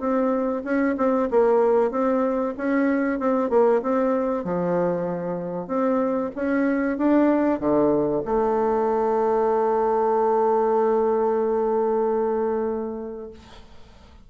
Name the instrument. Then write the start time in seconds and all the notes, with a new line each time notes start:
bassoon
0.00 C4
0.65 C#4
0.98 C4
1.31 A#3
1.91 C4
2.58 C#4
3.20 C4
3.50 A#3
3.83 C4
4.45 F3
5.68 C4
6.36 C#4
6.98 D4
7.60 D3
8.25 A3